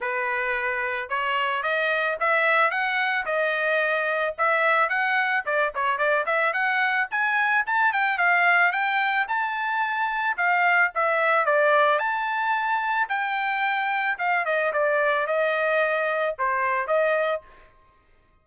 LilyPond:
\new Staff \with { instrumentName = "trumpet" } { \time 4/4 \tempo 4 = 110 b'2 cis''4 dis''4 | e''4 fis''4 dis''2 | e''4 fis''4 d''8 cis''8 d''8 e''8 | fis''4 gis''4 a''8 g''8 f''4 |
g''4 a''2 f''4 | e''4 d''4 a''2 | g''2 f''8 dis''8 d''4 | dis''2 c''4 dis''4 | }